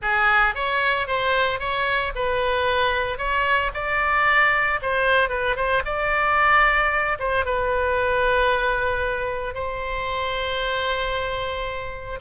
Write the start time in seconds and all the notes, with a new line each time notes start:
0.01 G#4
0.54 C#5
1.07 C5
1.59 C#5
2.15 B4
3.18 C#5
3.73 D5
4.81 C5
5.29 B4
5.55 C5
5.85 D5
7.19 C5
7.45 B4
9.54 C5